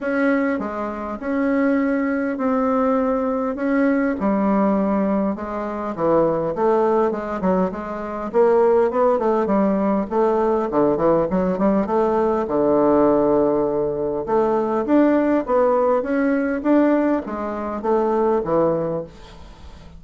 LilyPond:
\new Staff \with { instrumentName = "bassoon" } { \time 4/4 \tempo 4 = 101 cis'4 gis4 cis'2 | c'2 cis'4 g4~ | g4 gis4 e4 a4 | gis8 fis8 gis4 ais4 b8 a8 |
g4 a4 d8 e8 fis8 g8 | a4 d2. | a4 d'4 b4 cis'4 | d'4 gis4 a4 e4 | }